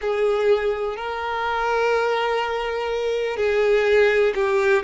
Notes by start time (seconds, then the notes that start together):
0.01 G#4
0.96 A#4
3.36 G#4
4.34 G4